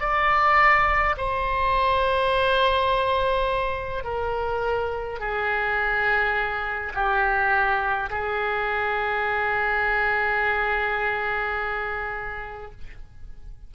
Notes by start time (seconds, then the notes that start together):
0.00 D5
1.17 C5
4.04 A#4
5.20 G#4
6.94 G4
8.10 G#4